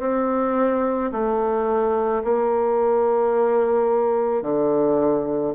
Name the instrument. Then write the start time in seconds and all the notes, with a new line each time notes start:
bassoon
0.00 C4
1.12 A3
2.24 A#3
4.42 D3